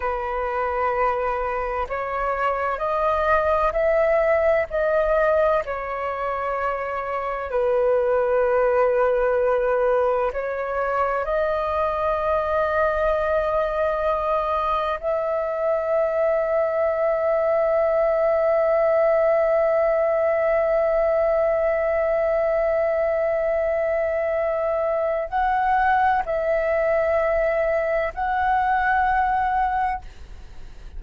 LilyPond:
\new Staff \with { instrumentName = "flute" } { \time 4/4 \tempo 4 = 64 b'2 cis''4 dis''4 | e''4 dis''4 cis''2 | b'2. cis''4 | dis''1 |
e''1~ | e''1~ | e''2. fis''4 | e''2 fis''2 | }